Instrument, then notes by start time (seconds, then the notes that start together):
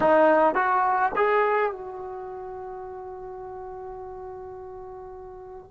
trombone
0.00 D#4
0.55 F#4
1.16 G#4
1.72 F#4